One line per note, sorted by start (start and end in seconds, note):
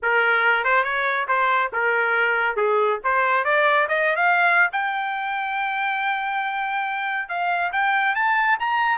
0.02 0.64 A#4
0.64 0.83 C5
0.83 1.26 C#5
1.28 1.71 C5
1.73 2.56 A#4
2.56 2.99 G#4
3.04 3.44 C5
3.44 3.87 D5
3.88 4.16 D#5
4.16 4.69 F5
4.72 7.28 G5
7.28 7.71 F5
7.72 8.15 G5
8.15 8.58 A5
8.59 8.98 A#5